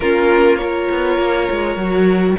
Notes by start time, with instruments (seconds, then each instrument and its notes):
0.00 cello A#3, viola C#4, violin F4 A#4
0.56 viola F4, violin A#4 C#5
0.90 cello B3
1.18 cello A#3
1.50 cello G#3
1.76 cello F#3, viola F#4